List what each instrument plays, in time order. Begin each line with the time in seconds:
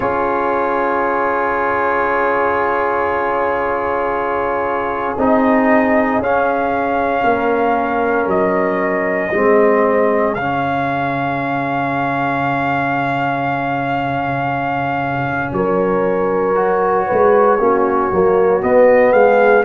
0.00 tuba C#4, trombone F4, horn G#4, trumpet C#5
5.17 tuba C4, trombone D#4, trumpet D#5
6.19 tuba C#4, trombone C#4, trumpet F5
7.23 tuba A#3, horn A#4
8.26 tuba F#3, trumpet D#5
9.31 tuba G#3, trombone C4, horn G#4
10.34 tuba C#3, trombone C#4, trumpet F5
15.52 tuba F#3, horn A#4, trumpet C#5
16.55 trombone F#4
17.06 tuba G#3, horn B4
17.58 tuba A#3, trombone C#4, horn F#4
18.11 tuba F#3, trombone A#3
18.61 trombone B3, tuba B3, trumpet D#5
19.12 tuba G#3, horn G#4, trumpet F5